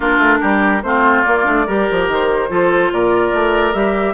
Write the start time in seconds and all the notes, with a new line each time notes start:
0.00 A#3 D4 F4 A#4
0.18 A3
0.40 G3 G4
0.82 A3 C4 F4 C5
1.21 A#3 D5
1.44 A3 D4
1.66 G3 G4 A#4
1.90 F3
2.08 D#3 C5
2.48 F3 F4 A4
2.91 A#2 A#4 D5
3.33 A3
3.73 G3 G4 E5